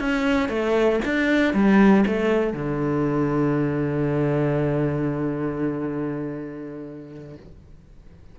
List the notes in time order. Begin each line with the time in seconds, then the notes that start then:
0.00 C#4
0.49 A3
1.05 D4
1.54 G3
2.07 A3
2.54 D3